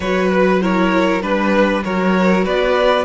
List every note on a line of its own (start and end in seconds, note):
0.00 1.22 F#3
0.00 0.61 F#4
0.00 0.60 B4
0.00 0.28 C#5
0.32 0.62 B4
0.61 1.22 E4
0.61 1.22 A#4
0.61 1.21 C#5
1.21 1.83 G3
1.21 1.83 D4
1.21 1.82 B4
1.21 1.83 B4
1.83 2.46 F#3
1.83 3.04 F#4
1.83 2.44 A#4
1.83 2.45 C#5
2.44 3.04 B3
2.44 3.04 B4
2.44 3.04 D5